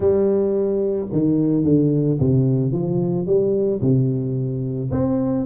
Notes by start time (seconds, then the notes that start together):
0.00 G3
1.12 D#3
1.64 D3
2.19 C3
2.72 F3
3.26 G3
3.81 C3
4.91 C4